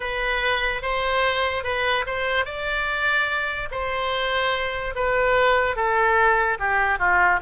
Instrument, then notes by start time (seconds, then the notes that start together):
oboe
0.00 B4
0.81 C5
1.63 B4
2.06 C5
2.45 D5
3.71 C5
4.95 B4
5.75 A4
6.59 G4
6.98 F4